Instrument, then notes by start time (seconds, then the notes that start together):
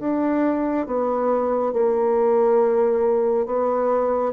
bassoon
0.00 D4
0.87 B3
1.73 A#3
3.46 B3